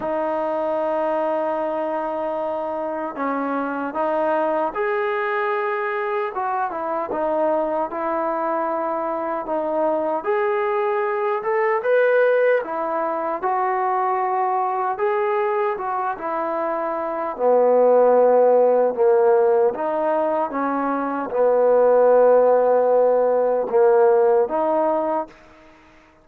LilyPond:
\new Staff \with { instrumentName = "trombone" } { \time 4/4 \tempo 4 = 76 dis'1 | cis'4 dis'4 gis'2 | fis'8 e'8 dis'4 e'2 | dis'4 gis'4. a'8 b'4 |
e'4 fis'2 gis'4 | fis'8 e'4. b2 | ais4 dis'4 cis'4 b4~ | b2 ais4 dis'4 | }